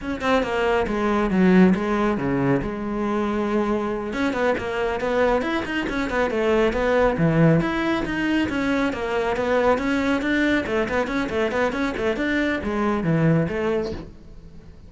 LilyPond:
\new Staff \with { instrumentName = "cello" } { \time 4/4 \tempo 4 = 138 cis'8 c'8 ais4 gis4 fis4 | gis4 cis4 gis2~ | gis4. cis'8 b8 ais4 b8~ | b8 e'8 dis'8 cis'8 b8 a4 b8~ |
b8 e4 e'4 dis'4 cis'8~ | cis'8 ais4 b4 cis'4 d'8~ | d'8 a8 b8 cis'8 a8 b8 cis'8 a8 | d'4 gis4 e4 a4 | }